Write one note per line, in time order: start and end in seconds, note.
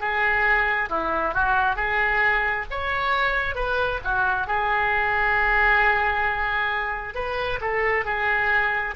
0.00 0.90 G#4
0.90 1.34 E4
1.34 1.76 F#4
1.76 2.65 G#4
2.71 3.55 C#5
3.55 4.00 B4
4.04 4.47 F#4
4.47 7.15 G#4
7.15 7.60 B4
7.61 8.05 A4
8.05 8.95 G#4